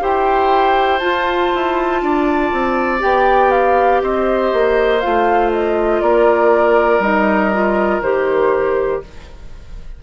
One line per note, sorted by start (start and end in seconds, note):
0.00 1.00 E4
0.00 1.00 G4
0.00 2.01 C5
0.00 0.98 G5
0.98 1.50 F4
0.98 2.99 F4
0.98 2.98 A5
1.54 2.02 E4
2.02 2.52 D4
2.02 4.02 D5
2.52 3.02 C4
2.99 4.01 B3
2.99 4.99 G4
2.99 3.51 G5
3.51 4.01 F5
4.01 4.51 C4
4.01 6.02 C5
4.01 5.00 D#5
4.53 5.03 A#3
5.00 6.01 A3
5.00 7.01 F4
5.00 5.50 F5
5.51 6.01 D#5
6.01 6.99 A#3
6.01 9.02 A#4
6.01 7.01 D5
6.99 7.99 G3
6.99 7.51 D#4
6.99 8.01 D#5
7.52 8.03 F4
8.00 9.00 D#3
8.00 9.03 G4
8.00 9.02 C5